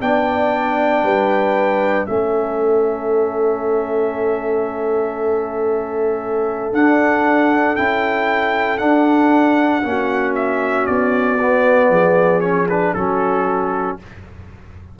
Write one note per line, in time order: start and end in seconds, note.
0.00 1.03 B3
0.00 2.06 D4
0.00 1.04 D5
0.00 2.06 G5
1.03 2.06 G3
1.03 2.07 B4
2.06 6.72 A3
2.06 6.72 C#4
2.06 9.84 A4
2.06 6.71 E5
6.72 7.76 D4
6.72 7.76 F#5
7.76 8.81 C#4
7.76 8.78 E4
7.76 8.77 G5
8.77 9.82 D4
8.77 9.83 D4
8.77 10.33 F#5
9.83 10.87 A#3
9.83 11.38 C#4
9.83 11.90 F#4
10.35 10.86 E5
10.86 11.89 B3
10.86 12.40 D5
11.40 12.42 B3
11.89 12.92 F3
11.89 12.93 G#4
12.40 12.68 C#4
12.40 12.66 C#5
12.69 12.96 D4
12.69 12.93 B4
12.93 13.98 F#3
12.93 13.99 C#4
12.93 13.98 F#4
12.93 13.97 A4